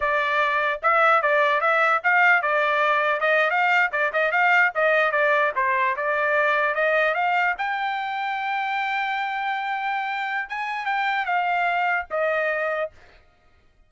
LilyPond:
\new Staff \with { instrumentName = "trumpet" } { \time 4/4 \tempo 4 = 149 d''2 e''4 d''4 | e''4 f''4 d''2 | dis''8. f''4 d''8 dis''8 f''4 dis''16~ | dis''8. d''4 c''4 d''4~ d''16~ |
d''8. dis''4 f''4 g''4~ g''16~ | g''1~ | g''2 gis''4 g''4 | f''2 dis''2 | }